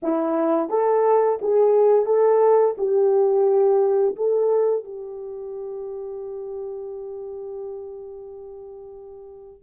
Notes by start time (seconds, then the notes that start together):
0.02 E4
0.69 A4
1.41 G#4
2.05 A4
2.77 G4
4.16 A4
4.84 G4